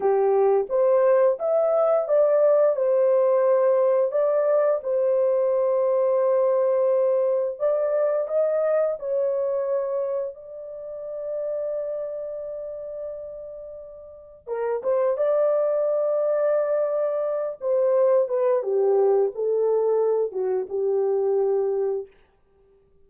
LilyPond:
\new Staff \with { instrumentName = "horn" } { \time 4/4 \tempo 4 = 87 g'4 c''4 e''4 d''4 | c''2 d''4 c''4~ | c''2. d''4 | dis''4 cis''2 d''4~ |
d''1~ | d''4 ais'8 c''8 d''2~ | d''4. c''4 b'8 g'4 | a'4. fis'8 g'2 | }